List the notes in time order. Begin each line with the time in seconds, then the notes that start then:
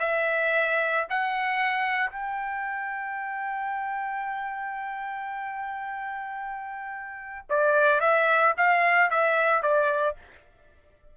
0.00 E5
1.10 F#5
2.10 G5
7.50 D5
8.01 E5
8.58 F5
9.11 E5
9.63 D5